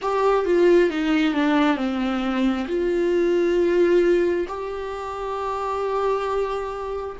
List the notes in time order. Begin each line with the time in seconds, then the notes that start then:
0.01 G4
0.45 F4
0.90 D#4
1.34 D4
1.77 C4
2.67 F4
4.48 G4